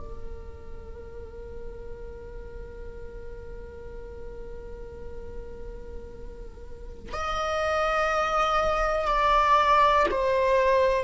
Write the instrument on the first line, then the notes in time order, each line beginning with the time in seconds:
viola
0.00 A#4
7.13 D#5
9.08 D5
10.11 C5